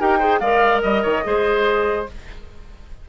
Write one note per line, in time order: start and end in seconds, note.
0.00 0.41 D#4
0.00 0.21 G4
0.00 0.19 A#4
0.00 0.40 G5
0.19 0.41 G#4
0.19 0.39 C5
0.40 0.83 G#3
0.40 1.24 A#4
0.40 0.82 D5
0.40 0.81 F5
0.82 1.05 G3
0.82 2.06 D#5
0.82 1.03 D#5
1.03 1.26 D#3
1.03 1.24 C#5
1.24 2.08 G#3
1.24 2.07 G#4
1.24 2.10 C5